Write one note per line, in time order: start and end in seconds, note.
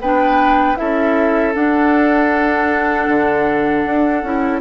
0.00 0.77 B3
0.00 0.76 D4
0.00 0.78 B4
0.00 0.76 G5
0.76 1.54 C#4
0.76 1.53 E4
0.76 4.60 A4
0.76 1.53 E5
1.54 4.23 D4
1.54 3.08 D4
1.54 4.60 F#5
3.08 3.84 D3
3.85 4.22 D4
4.22 4.60 C#4
4.22 4.60 E4